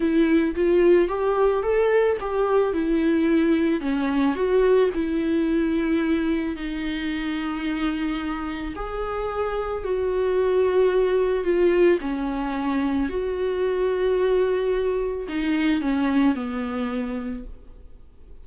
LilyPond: \new Staff \with { instrumentName = "viola" } { \time 4/4 \tempo 4 = 110 e'4 f'4 g'4 a'4 | g'4 e'2 cis'4 | fis'4 e'2. | dis'1 |
gis'2 fis'2~ | fis'4 f'4 cis'2 | fis'1 | dis'4 cis'4 b2 | }